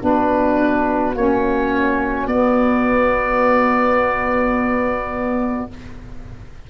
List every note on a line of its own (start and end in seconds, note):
0.00 1.14 B3
0.00 1.13 D4
0.00 5.69 F#4
0.00 1.16 B4
1.14 2.26 A#3
1.14 2.29 C#4
1.14 2.27 C#5
2.26 5.66 B3
2.26 5.69 B3
2.26 5.67 D5